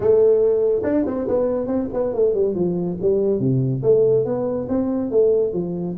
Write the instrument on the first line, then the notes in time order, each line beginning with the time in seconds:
tuba
0.00 A3
0.83 D4
1.06 C4
1.27 B3
1.66 C4
1.93 B3
2.13 A3
2.33 G3
2.54 F3
3.01 G3
3.39 C3
3.82 A3
4.25 B3
4.68 C4
5.10 A3
5.53 F3